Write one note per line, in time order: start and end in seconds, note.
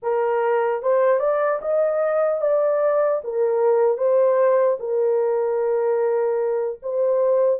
0.02 0.82 A#4
0.82 1.19 C5
1.19 1.59 D5
1.61 2.41 D#5
2.41 3.21 D5
3.24 3.97 A#4
3.97 4.77 C5
4.79 6.79 A#4
6.82 7.60 C5